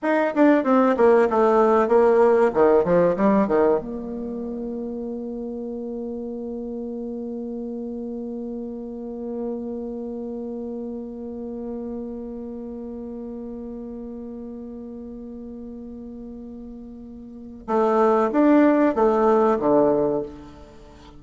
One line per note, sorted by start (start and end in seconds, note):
0.02 0.33 D#4
0.34 0.64 D4
0.64 0.95 C4
0.96 1.28 A#3
1.30 1.87 A3
1.87 2.51 A#3
2.53 2.84 D#3
2.84 3.16 F3
3.16 3.47 G3
3.47 3.79 D#3
3.80 17.67 A#3
17.67 18.30 A3
18.32 18.95 D4
18.95 19.58 A3
19.59 20.22 D3